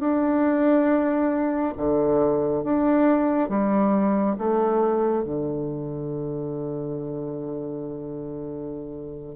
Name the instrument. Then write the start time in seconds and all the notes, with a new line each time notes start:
bassoon
0.00 D4
1.77 D3
2.64 D4
3.49 G3
4.38 A3
5.25 D3